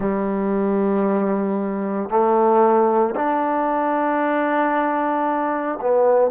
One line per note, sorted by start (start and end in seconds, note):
0.00 2.09 G3
2.09 3.14 A3
3.15 5.78 D4
5.81 6.31 B3